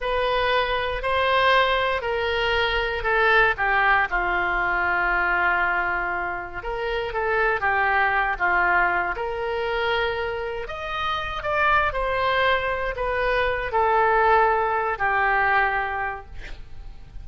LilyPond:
\new Staff \with { instrumentName = "oboe" } { \time 4/4 \tempo 4 = 118 b'2 c''2 | ais'2 a'4 g'4 | f'1~ | f'4 ais'4 a'4 g'4~ |
g'8 f'4. ais'2~ | ais'4 dis''4. d''4 c''8~ | c''4. b'4. a'4~ | a'4. g'2~ g'8 | }